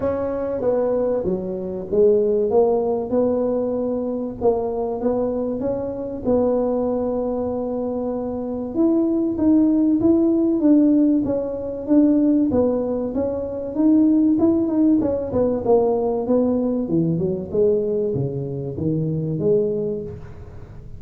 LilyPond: \new Staff \with { instrumentName = "tuba" } { \time 4/4 \tempo 4 = 96 cis'4 b4 fis4 gis4 | ais4 b2 ais4 | b4 cis'4 b2~ | b2 e'4 dis'4 |
e'4 d'4 cis'4 d'4 | b4 cis'4 dis'4 e'8 dis'8 | cis'8 b8 ais4 b4 e8 fis8 | gis4 cis4 dis4 gis4 | }